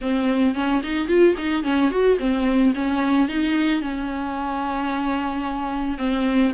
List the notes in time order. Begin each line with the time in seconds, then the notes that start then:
0.01 C4
0.55 C#4
0.83 D#4
1.08 F4
1.37 D#4
1.63 C#4
1.90 F#4
2.19 C4
2.74 C#4
3.28 D#4
3.81 C#4
5.98 C4